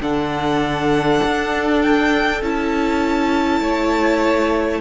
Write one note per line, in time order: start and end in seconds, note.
0.00 1.20 D3
0.00 2.41 D4
0.00 3.62 A4
0.00 1.81 F#5
1.24 2.42 D4
1.81 2.42 G5
2.42 3.60 C#4
2.42 4.80 E4
2.42 4.80 A5
3.60 4.80 A3
3.60 4.80 C#5